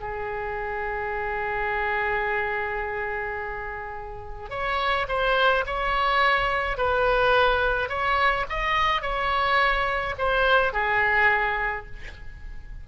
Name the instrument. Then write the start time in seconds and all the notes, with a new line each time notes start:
oboe
0.00 G#4
4.50 C#5
5.08 C5
5.66 C#5
6.77 B4
7.89 C#5
8.49 D#5
9.02 C#5
10.18 C5
10.73 G#4